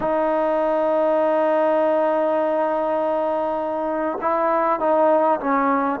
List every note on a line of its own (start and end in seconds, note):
0.00 4.18 D#4
4.21 4.79 E4
4.79 5.39 D#4
5.40 6.00 C#4